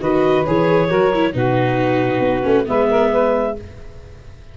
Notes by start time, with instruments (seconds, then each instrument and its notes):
0.00 tuba D#3, viola F#4, saxophone B4, clarinet D#5
0.45 tuba E3, viola G#4, clarinet C#5
0.88 tuba F#3, viola F#4, saxophone A#4
1.14 viola E4
1.33 tuba B2, viola D#4, saxophone F#4, clarinet B4
2.19 tuba B3
2.43 tuba A3, viola C#4
2.65 tuba G#3, viola B3, saxophone B4, clarinet E5
2.89 saxophone A#4
3.11 saxophone B4